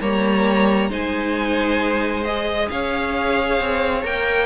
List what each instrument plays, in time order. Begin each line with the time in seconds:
0.00 cello G3, viola A#3, violin C#5 A#5
0.89 cello G#3, viola D#4, violin C5 G#5
2.24 viola G#4, violin D#5
2.69 cello C#4, violin C#5 F5
3.59 cello C4
4.03 cello A#3, viola A#4, violin G5